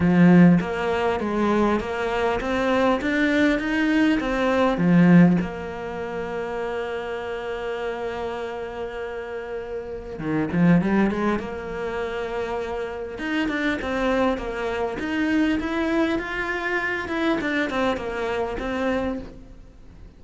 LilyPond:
\new Staff \with { instrumentName = "cello" } { \time 4/4 \tempo 4 = 100 f4 ais4 gis4 ais4 | c'4 d'4 dis'4 c'4 | f4 ais2.~ | ais1~ |
ais4 dis8 f8 g8 gis8 ais4~ | ais2 dis'8 d'8 c'4 | ais4 dis'4 e'4 f'4~ | f'8 e'8 d'8 c'8 ais4 c'4 | }